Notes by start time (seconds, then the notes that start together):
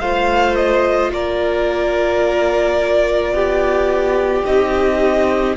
0.00 A3 F4 C5 F5
0.56 D#5
1.12 A#3 A#4 D5
3.33 B3 G4
4.46 C4 D#4 D#5